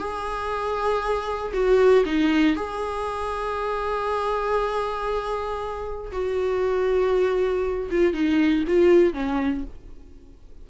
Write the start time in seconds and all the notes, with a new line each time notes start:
0.00 G#4
1.54 F#4
2.06 D#4
2.56 G#4
6.12 F#4
7.91 F4
8.14 D#4
8.68 F4
9.14 C#4